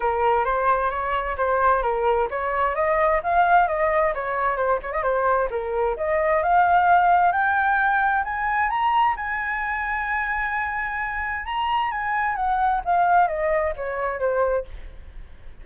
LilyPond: \new Staff \with { instrumentName = "flute" } { \time 4/4 \tempo 4 = 131 ais'4 c''4 cis''4 c''4 | ais'4 cis''4 dis''4 f''4 | dis''4 cis''4 c''8 cis''16 dis''16 c''4 | ais'4 dis''4 f''2 |
g''2 gis''4 ais''4 | gis''1~ | gis''4 ais''4 gis''4 fis''4 | f''4 dis''4 cis''4 c''4 | }